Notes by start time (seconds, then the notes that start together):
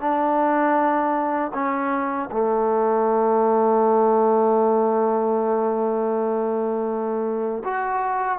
0.00 D4
1.54 C#4
2.32 A3
7.64 F#4